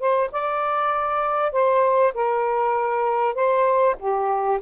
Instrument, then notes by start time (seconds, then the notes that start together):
saxophone
0.00 C5
0.32 D5
1.53 C5
2.15 A#4
3.35 C5
3.99 G4